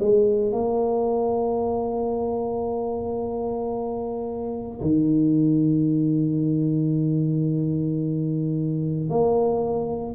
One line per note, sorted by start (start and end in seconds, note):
0.00 0.52 G#3
0.52 4.81 A#3
4.81 9.10 D#3
9.10 10.15 A#3